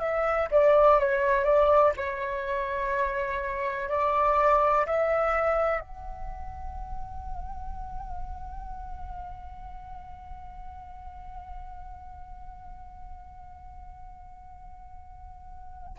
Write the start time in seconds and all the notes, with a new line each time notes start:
0.00 E5
0.51 D5
0.99 C#5
1.44 D5
1.97 C#5
3.89 D5
4.87 E5
5.81 F#5